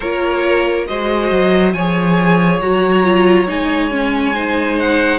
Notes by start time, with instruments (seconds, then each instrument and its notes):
0.00 cello A#3, viola F4, violin A#4 C#5
0.87 cello G#3, viola F#4, violin C5 D#5
1.31 cello F#3
1.73 cello F3, viola G#4, violin C#5 G#5
2.60 cello F#3, viola F#4, violin A#5
3.03 viola F4
3.47 cello G#3, viola D#4, violin G#5
3.90 viola C#4
4.34 viola D#4, violin C5
4.79 violin F#5